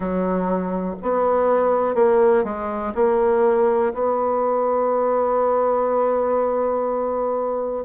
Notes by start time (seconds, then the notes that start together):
0.00 F#3
1.02 B3
1.94 A#3
2.44 G#3
2.94 A#3
3.93 B3